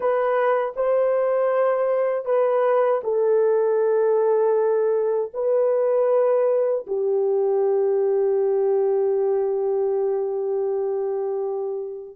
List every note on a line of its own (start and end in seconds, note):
0.00 0.73 B4
0.76 2.25 C5
2.25 3.01 B4
3.03 5.31 A4
5.33 6.85 B4
6.86 12.16 G4